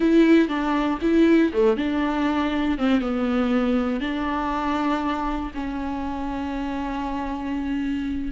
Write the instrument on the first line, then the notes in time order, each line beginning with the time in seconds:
viola
0.00 E4
0.48 D4
1.01 E4
1.53 A3
1.76 D4
2.77 C4
3.00 B3
4.00 D4
5.54 C#4